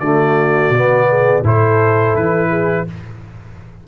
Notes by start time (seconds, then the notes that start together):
0.00 D3 A3 F#4 D5
0.70 B2 B3
1.09 G#4
1.43 A2 E4 A4 C5
2.15 E3 B4
2.50 G#4